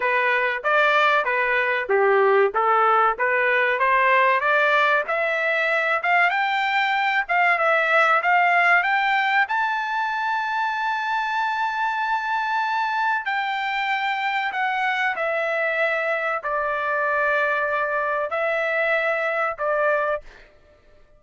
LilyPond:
\new Staff \with { instrumentName = "trumpet" } { \time 4/4 \tempo 4 = 95 b'4 d''4 b'4 g'4 | a'4 b'4 c''4 d''4 | e''4. f''8 g''4. f''8 | e''4 f''4 g''4 a''4~ |
a''1~ | a''4 g''2 fis''4 | e''2 d''2~ | d''4 e''2 d''4 | }